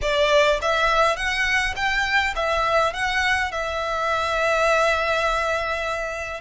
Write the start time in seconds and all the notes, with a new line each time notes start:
0.01 D5
0.61 E5
1.16 F#5
1.76 G5
2.35 E5
2.93 F#5
3.51 E5